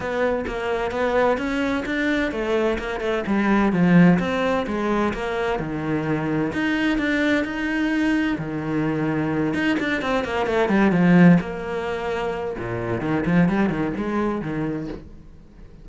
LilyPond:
\new Staff \with { instrumentName = "cello" } { \time 4/4 \tempo 4 = 129 b4 ais4 b4 cis'4 | d'4 a4 ais8 a8 g4 | f4 c'4 gis4 ais4 | dis2 dis'4 d'4 |
dis'2 dis2~ | dis8 dis'8 d'8 c'8 ais8 a8 g8 f8~ | f8 ais2~ ais8 ais,4 | dis8 f8 g8 dis8 gis4 dis4 | }